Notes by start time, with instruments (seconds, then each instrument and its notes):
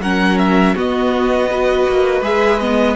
0.00 cello F#3, viola C#4, violin A#4 F#5
0.38 violin E5
0.75 viola B3, cello B3, violin F#4 D#5
1.50 viola F#4, violin B4
1.88 cello A#3
2.21 cello G#3, viola G#4, violin E5
2.59 viola B3, violin D#5